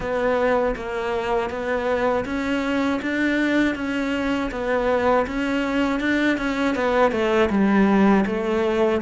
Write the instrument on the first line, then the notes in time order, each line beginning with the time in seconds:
cello
0.00 B3
0.75 A#3
1.50 B3
2.25 C#4
3.02 D4
3.75 C#4
4.51 B3
5.26 C#4
6.00 D4
6.38 C#4
6.75 B3
7.11 A3
7.49 G3
8.26 A3